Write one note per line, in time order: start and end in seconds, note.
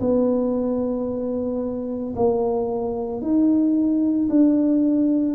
0.00 2.14 B3
2.16 3.21 A#3
3.21 4.28 D#4
4.29 5.35 D4